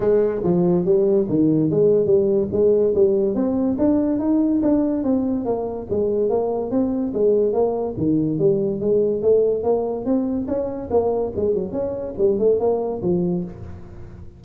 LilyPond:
\new Staff \with { instrumentName = "tuba" } { \time 4/4 \tempo 4 = 143 gis4 f4 g4 dis4 | gis4 g4 gis4 g4 | c'4 d'4 dis'4 d'4 | c'4 ais4 gis4 ais4 |
c'4 gis4 ais4 dis4 | g4 gis4 a4 ais4 | c'4 cis'4 ais4 gis8 fis8 | cis'4 g8 a8 ais4 f4 | }